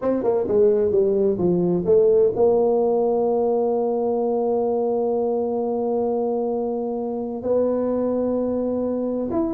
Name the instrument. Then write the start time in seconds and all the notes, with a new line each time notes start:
tuba
0.01 C4
0.23 A#3
0.47 G#3
0.91 G3
1.37 F3
1.85 A3
2.35 A#3
7.42 B3
9.30 E4